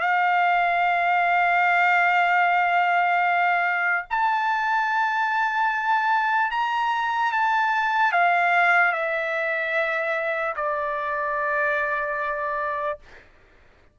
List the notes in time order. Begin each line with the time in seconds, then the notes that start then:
0.00 F5
4.10 A5
6.51 A#5
7.32 A5
8.12 F5
8.92 E5
10.56 D5